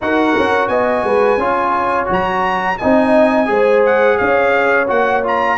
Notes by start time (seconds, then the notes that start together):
0.01 D#4 F#4 A#4 F#5
0.38 C#4
0.67 B3 D#5 G#5
1.03 G#3 B4
1.37 C#4 F4 C#5
2.06 F#3 F#4
2.12 A#5
2.78 C4 D#4 D#5 G#5
3.45 G#3 G#4 C5
3.85 F#5
4.17 C#4 C#5 F5
4.87 A#3 F#4 F#5
5.23 F4 A#5